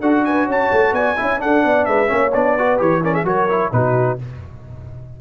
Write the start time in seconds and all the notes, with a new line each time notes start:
0.00 D4 F#4 A4 F#5
0.25 B4 G#5
0.46 C#4 C#5 A5
0.72 A3
0.92 B3 D5 G#5
1.17 C#4 E4 E5
1.38 D4 A4 F#5
1.64 B3 D5
1.85 G#3 B4 E5
2.07 A#3 C#4 C#5
2.33 B3 D4 D5
2.58 F#4 B4
2.77 E3 G4 C#5
3.03 C#4 A#4 D5
3.14 G#4 E5
3.24 F#3 F#4 A#4 C#5
3.49 E4
3.72 B2 D#4 F#4 B4